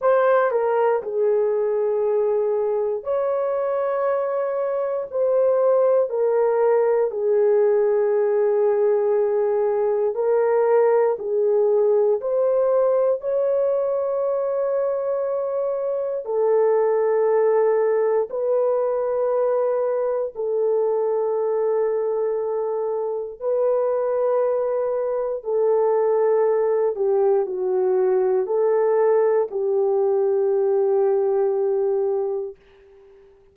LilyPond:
\new Staff \with { instrumentName = "horn" } { \time 4/4 \tempo 4 = 59 c''8 ais'8 gis'2 cis''4~ | cis''4 c''4 ais'4 gis'4~ | gis'2 ais'4 gis'4 | c''4 cis''2. |
a'2 b'2 | a'2. b'4~ | b'4 a'4. g'8 fis'4 | a'4 g'2. | }